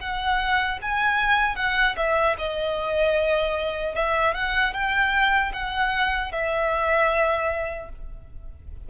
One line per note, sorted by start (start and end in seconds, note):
0.00 0.79 F#5
0.82 1.56 G#5
1.56 1.95 F#5
1.97 2.36 E5
2.38 3.95 D#5
3.95 4.34 E5
4.34 4.73 F#5
4.73 5.52 G5
5.53 6.32 F#5
6.32 7.89 E5